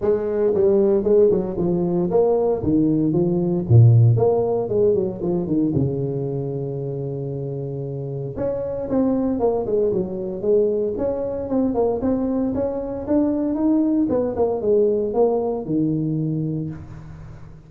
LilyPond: \new Staff \with { instrumentName = "tuba" } { \time 4/4 \tempo 4 = 115 gis4 g4 gis8 fis8 f4 | ais4 dis4 f4 ais,4 | ais4 gis8 fis8 f8 dis8 cis4~ | cis1 |
cis'4 c'4 ais8 gis8 fis4 | gis4 cis'4 c'8 ais8 c'4 | cis'4 d'4 dis'4 b8 ais8 | gis4 ais4 dis2 | }